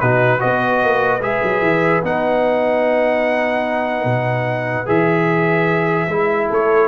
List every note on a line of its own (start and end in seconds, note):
0.00 0.42 B2
0.00 0.39 D#4
0.00 0.40 F#4
0.00 0.40 B4
0.39 0.84 B3
0.39 1.20 F#4
0.39 6.48 B4
0.39 1.22 D#5
0.84 1.20 A#3
1.20 1.40 G#3
1.20 2.03 G#4
1.20 2.04 E5
1.43 1.61 F#3
1.61 2.02 E3
2.03 4.05 B3
2.03 4.86 D#4
2.03 4.88 F#5
4.05 4.86 B2
4.86 6.08 E3
4.86 6.07 G#4
4.86 6.50 E5
6.08 6.48 G#3
6.08 6.88 E4
6.49 6.88 A3
6.49 6.88 A4
6.49 6.88 C#5